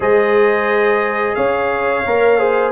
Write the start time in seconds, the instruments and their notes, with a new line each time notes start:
0.00 tuba G#3, trombone G#4, horn C5, trumpet D#5
1.34 tuba C#4, horn C#5, trumpet F5
2.06 tuba A#3, trombone A#4
2.38 trombone G#4, horn C5